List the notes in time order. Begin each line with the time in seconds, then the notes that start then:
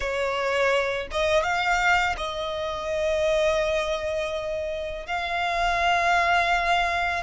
0.00 C#5
1.11 D#5
1.43 F5
2.17 D#5
5.06 F5